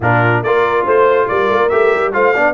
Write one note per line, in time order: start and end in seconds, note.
0.00 0.42 A#2
0.00 0.45 D4
0.00 0.44 F4
0.00 0.43 A#4
0.42 0.85 A#3
0.42 1.71 F4
0.42 0.85 A#4
0.42 0.86 D5
0.85 1.28 A3
0.85 1.28 C5
0.85 1.27 C5
1.27 1.50 G3
1.27 2.14 A#4
1.27 1.69 D5
1.50 1.71 A#3
1.69 1.94 A3
1.69 2.13 G4
1.69 2.12 E5
1.94 2.14 G3
2.13 2.35 A3
2.13 2.34 F4
2.13 2.33 C5
2.13 2.53 F5
2.33 2.53 B3
2.33 2.53 D4
2.33 2.53 D5